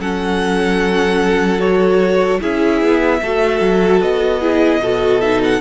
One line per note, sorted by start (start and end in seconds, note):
0.00 2.40 F#3
0.00 1.59 C#4
0.00 2.41 A4
0.00 1.60 F#5
1.59 2.39 F#4
1.59 2.40 C#5
2.40 2.82 C#4
2.40 3.20 E4
2.40 3.21 G#4
2.40 4.02 E5
2.82 3.22 B3
3.22 3.61 A3
3.22 4.41 F#4
3.22 4.41 A4
3.61 4.01 F#3
4.01 4.79 B3
4.01 5.21 D#5
4.41 4.81 E4
4.41 4.81 G#4
4.79 5.60 B2
4.79 5.22 F#4
4.79 5.61 A4
5.21 5.61 D#4
5.21 5.41 E5
5.44 5.61 F#5